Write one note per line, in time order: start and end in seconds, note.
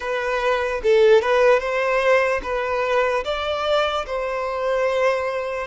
0.00 0.81 B4
0.83 1.21 A4
1.21 1.59 B4
1.59 2.40 C5
2.43 3.24 B4
3.24 4.05 D5
4.06 5.67 C5